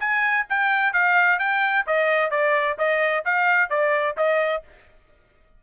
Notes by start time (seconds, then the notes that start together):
0.00 G#5
0.50 G5
0.93 F5
1.39 G5
1.87 D#5
2.31 D5
2.78 D#5
3.25 F5
3.70 D5
4.17 D#5